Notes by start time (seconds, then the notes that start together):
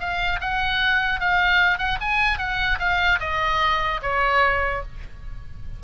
0.00 F5
0.41 F#5
1.20 F5
1.78 F#5
2.01 G#5
2.39 F#5
2.79 F5
3.20 D#5
4.02 C#5